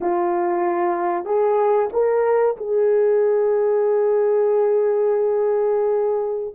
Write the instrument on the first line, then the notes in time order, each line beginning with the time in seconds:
horn
0.01 F4
1.25 G#4
1.92 A#4
2.56 G#4